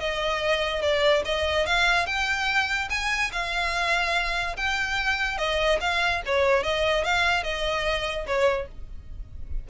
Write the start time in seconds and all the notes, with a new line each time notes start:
0.00 D#5
0.82 D5
1.25 D#5
1.66 F5
2.06 G5
2.90 G#5
3.32 F5
4.57 G5
5.38 D#5
5.81 F5
6.26 C#5
6.64 D#5
7.04 F5
7.44 D#5
8.27 C#5